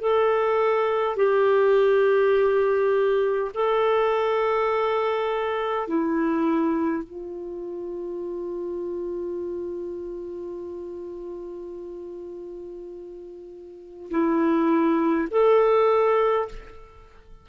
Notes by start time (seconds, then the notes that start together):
0.00 A4
1.16 G4
3.54 A4
5.88 E4
7.04 F4
14.11 E4
15.30 A4